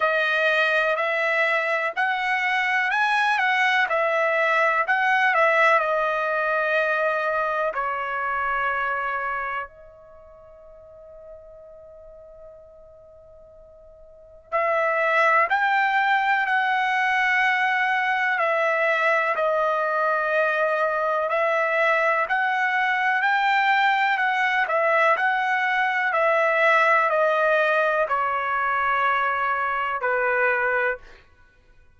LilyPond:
\new Staff \with { instrumentName = "trumpet" } { \time 4/4 \tempo 4 = 62 dis''4 e''4 fis''4 gis''8 fis''8 | e''4 fis''8 e''8 dis''2 | cis''2 dis''2~ | dis''2. e''4 |
g''4 fis''2 e''4 | dis''2 e''4 fis''4 | g''4 fis''8 e''8 fis''4 e''4 | dis''4 cis''2 b'4 | }